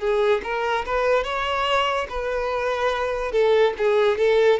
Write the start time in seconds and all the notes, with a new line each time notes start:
0.00 G#4
0.44 A#4
0.86 B4
1.24 C#5
2.09 B4
3.32 A4
3.78 G#4
4.18 A4